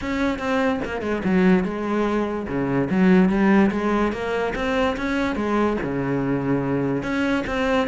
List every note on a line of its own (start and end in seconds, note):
0.01 0.38 C#4
0.38 0.80 C4
0.84 1.01 A#3
1.01 1.22 G#3
1.24 1.64 F#3
1.64 2.46 G#3
2.47 2.89 C#3
2.89 3.29 F#3
3.29 3.70 G3
3.71 4.12 G#3
4.12 4.53 A#3
4.55 4.96 C4
4.97 5.35 C#4
5.35 5.77 G#3
5.83 7.02 C#3
7.02 7.44 C#4
7.46 7.88 C4